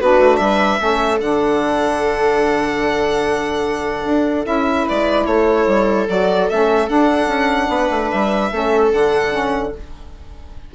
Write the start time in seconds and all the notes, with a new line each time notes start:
0.00 B3 D4 F#4 B4
0.19 A3
0.37 G3 B4 E5
0.78 A3 C#4 A4
1.21 D3 D4 F#5
4.05 D4
4.43 C#4 E4 E5
4.85 G#3 B4 D5
5.26 A3 A4 C#5
5.66 G3
6.08 F#3 F#4 D5
6.49 A3 C#4 E5
6.88 D4 F#5
7.27 C#4
7.69 B3 B4
7.90 A3
8.11 G3 E5
8.51 A3 C#4 A4
8.92 D3 D4 F#5
9.31 C#4